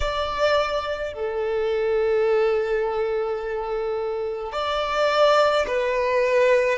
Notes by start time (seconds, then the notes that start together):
0.00 D5
1.13 A4
4.52 D5
5.67 B4